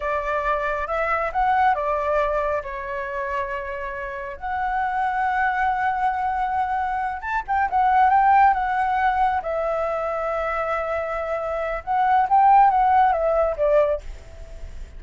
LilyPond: \new Staff \with { instrumentName = "flute" } { \time 4/4 \tempo 4 = 137 d''2 e''4 fis''4 | d''2 cis''2~ | cis''2 fis''2~ | fis''1~ |
fis''8 a''8 g''8 fis''4 g''4 fis''8~ | fis''4. e''2~ e''8~ | e''2. fis''4 | g''4 fis''4 e''4 d''4 | }